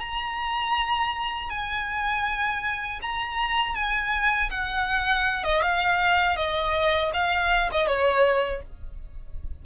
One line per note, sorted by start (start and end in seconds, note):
0.00 1.50 A#5
1.50 3.00 G#5
3.02 3.75 A#5
3.75 4.50 G#5
4.50 5.44 F#5
5.44 5.62 D#5
5.62 6.36 F5
6.36 7.11 D#5
7.14 7.70 F5
7.72 7.87 D#5
7.87 8.62 C#5